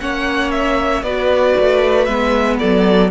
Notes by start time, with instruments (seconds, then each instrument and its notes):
0.00 cello A#3, viola C#4, violin C#5 F#5
0.51 violin E5
1.03 cello B3, viola F#4, violin B4 D5
1.60 cello A3
2.05 cello G#3, viola B3, violin E5
2.58 cello F#3, violin A4 D5